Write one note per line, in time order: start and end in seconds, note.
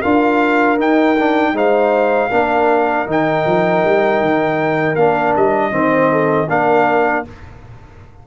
0.00 0.79 D4
0.00 0.78 F4
0.00 1.52 A#4
0.00 0.77 F5
0.78 1.16 D#4
0.78 1.53 D#4
0.78 1.57 G5
1.18 1.54 D4
1.53 2.28 G#3
1.53 2.30 D#4
1.53 2.29 C5
1.53 3.09 F5
2.29 3.06 A#3
2.29 3.06 D4
2.29 5.71 A#4
3.06 3.44 D#3
3.06 4.96 D#4
3.06 4.95 G5
3.45 3.83 F3
3.84 4.20 G3
4.20 4.95 D#3
4.95 5.33 A#3
4.95 5.71 D4
4.95 5.33 F5
5.36 5.71 G3
5.36 6.50 D#5
5.71 6.47 D#3
5.71 6.47 C4
5.71 6.11 C5
6.11 6.49 A4
6.49 7.25 A#3
6.49 7.25 D4
6.49 7.26 A#4
6.49 7.25 F5